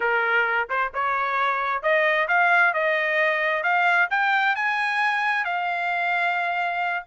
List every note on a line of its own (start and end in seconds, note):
0.00 0.68 A#4
0.69 0.92 C5
0.94 1.82 C#5
1.82 2.27 D#5
2.27 2.73 F5
2.73 3.63 D#5
3.63 4.08 F5
4.10 4.55 G5
4.55 5.44 G#5
5.44 7.03 F5